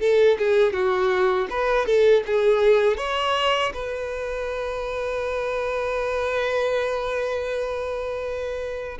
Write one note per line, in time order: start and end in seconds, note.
0.00 0.38 A4
0.39 0.73 G#4
0.73 1.48 F#4
1.50 1.86 B4
1.86 2.23 A4
2.26 2.97 G#4
2.97 3.72 C#5
3.73 8.98 B4